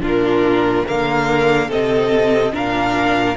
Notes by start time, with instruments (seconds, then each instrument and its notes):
0.00 cello A#2, viola D4, violin F4
0.06 violin A#4
0.86 cello D3, viola A#3, violin A#4 F5
1.69 cello C3, viola C4, violin A4 D#5
2.52 cello A#2, viola D4, violin A#4 F5